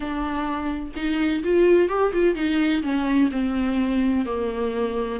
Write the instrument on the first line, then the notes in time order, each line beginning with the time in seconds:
viola
0.00 D4
0.96 D#4
1.43 F4
1.88 G4
2.12 F4
2.35 D#4
2.82 C#4
3.31 C4
4.25 A#3